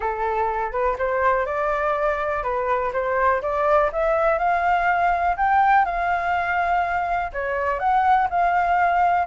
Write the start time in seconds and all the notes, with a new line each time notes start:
0.00 A4
0.72 B4
0.98 C5
1.45 D5
2.43 B4
2.92 C5
3.41 D5
3.92 E5
4.38 F5
5.37 G5
5.85 F5
7.32 C#5
7.79 F#5
8.29 F5